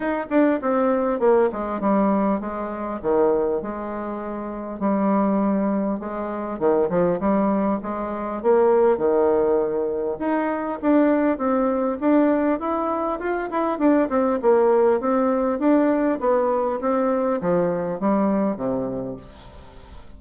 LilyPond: \new Staff \with { instrumentName = "bassoon" } { \time 4/4 \tempo 4 = 100 dis'8 d'8 c'4 ais8 gis8 g4 | gis4 dis4 gis2 | g2 gis4 dis8 f8 | g4 gis4 ais4 dis4~ |
dis4 dis'4 d'4 c'4 | d'4 e'4 f'8 e'8 d'8 c'8 | ais4 c'4 d'4 b4 | c'4 f4 g4 c4 | }